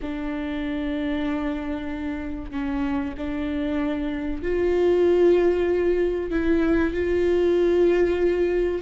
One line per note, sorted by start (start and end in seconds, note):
0.01 2.51 D4
2.51 3.14 C#4
3.17 4.42 D4
4.42 6.30 F4
6.30 6.93 E4
6.93 8.82 F4